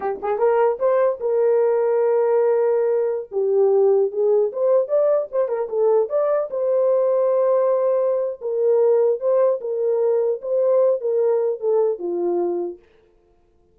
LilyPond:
\new Staff \with { instrumentName = "horn" } { \time 4/4 \tempo 4 = 150 g'8 gis'8 ais'4 c''4 ais'4~ | ais'1~ | ais'16 g'2 gis'4 c''8.~ | c''16 d''4 c''8 ais'8 a'4 d''8.~ |
d''16 c''2.~ c''8.~ | c''4 ais'2 c''4 | ais'2 c''4. ais'8~ | ais'4 a'4 f'2 | }